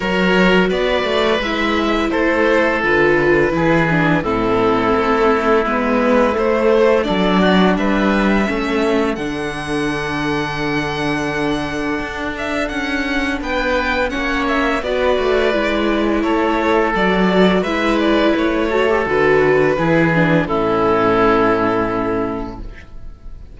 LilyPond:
<<
  \new Staff \with { instrumentName = "violin" } { \time 4/4 \tempo 4 = 85 cis''4 d''4 e''4 c''4 | b'2 a'2 | b'4 c''4 d''4 e''4~ | e''4 fis''2.~ |
fis''4. e''8 fis''4 g''4 | fis''8 e''8 d''2 cis''4 | d''4 e''8 d''8 cis''4 b'4~ | b'4 a'2. | }
  \new Staff \with { instrumentName = "oboe" } { \time 4/4 ais'4 b'2 a'4~ | a'4 gis'4 e'2~ | e'2 a'8 fis'8 b'4 | a'1~ |
a'2. b'4 | cis''4 b'2 a'4~ | a'4 b'4. a'4. | gis'4 e'2. | }
  \new Staff \with { instrumentName = "viola" } { \time 4/4 fis'2 e'2 | f'4 e'8 d'8 c'2 | b4 a4 d'2 | cis'4 d'2.~ |
d'1 | cis'4 fis'4 e'2 | fis'4 e'4. fis'16 g'16 fis'4 | e'8 d'8 cis'2. | }
  \new Staff \with { instrumentName = "cello" } { \time 4/4 fis4 b8 a8 gis4 a4 | d4 e4 a,4 a4 | gis4 a4 fis4 g4 | a4 d2.~ |
d4 d'4 cis'4 b4 | ais4 b8 a8 gis4 a4 | fis4 gis4 a4 d4 | e4 a,2. | }
>>